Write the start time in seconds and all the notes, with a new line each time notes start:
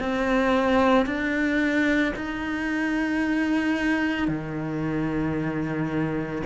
0.00 C4
1.06 D4
2.16 D#4
4.28 D#3